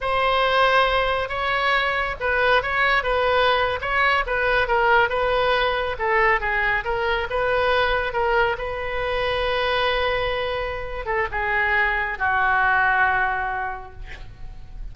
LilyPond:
\new Staff \with { instrumentName = "oboe" } { \time 4/4 \tempo 4 = 138 c''2. cis''4~ | cis''4 b'4 cis''4 b'4~ | b'8. cis''4 b'4 ais'4 b'16~ | b'4.~ b'16 a'4 gis'4 ais'16~ |
ais'8. b'2 ais'4 b'16~ | b'1~ | b'4. a'8 gis'2 | fis'1 | }